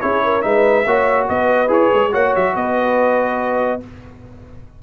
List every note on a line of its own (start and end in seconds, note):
0.00 0.44 C#4
0.00 0.42 E4
0.00 0.22 G#4
0.00 0.41 C#5
0.23 0.44 A#4
0.41 0.86 G#3
0.41 0.84 D#4
0.41 0.86 B4
0.41 1.26 E5
0.86 1.28 A#3
0.86 1.67 F#4
0.86 1.28 C#5
1.28 1.68 B3
1.28 2.11 B4
1.28 1.70 D#5
1.67 1.90 E4
1.67 2.10 G#4
1.67 2.14 C#5
1.93 2.13 G#3
2.11 2.35 A#3
2.11 3.80 F#4
2.11 2.53 C#5
2.11 2.35 F#5
2.35 2.55 F#3
2.35 2.55 E5
2.54 3.82 B3
2.54 3.81 B4
2.54 3.82 D#5